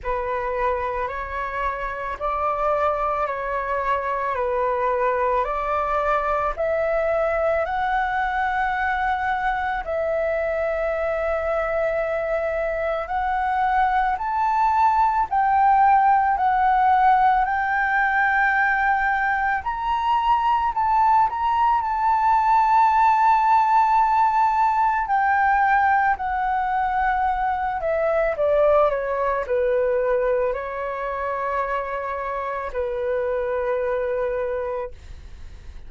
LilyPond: \new Staff \with { instrumentName = "flute" } { \time 4/4 \tempo 4 = 55 b'4 cis''4 d''4 cis''4 | b'4 d''4 e''4 fis''4~ | fis''4 e''2. | fis''4 a''4 g''4 fis''4 |
g''2 ais''4 a''8 ais''8 | a''2. g''4 | fis''4. e''8 d''8 cis''8 b'4 | cis''2 b'2 | }